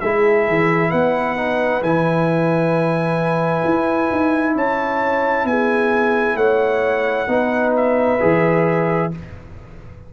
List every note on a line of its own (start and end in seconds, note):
0.00 0.48 G#3
0.00 1.36 E4
0.00 0.90 G#4
0.00 0.91 E5
0.48 0.92 E3
0.90 1.82 B3
0.90 4.54 B4
0.90 1.82 F#5
1.36 1.82 D#4
1.82 3.63 E3
1.82 7.28 E4
1.82 4.55 G#5
3.65 4.10 E4
4.11 4.55 D#4
4.55 5.45 C#4
4.55 5.46 C#5
4.55 5.46 A5
5.45 6.35 B3
5.45 6.37 G#4
5.45 6.36 G#5
6.35 7.26 A3
6.35 7.28 C#5
6.35 7.73 F#5
7.27 8.18 B3
7.27 8.19 D#4
7.27 9.11 B4
7.76 9.13 E5
8.20 9.13 E3
8.20 9.11 G#4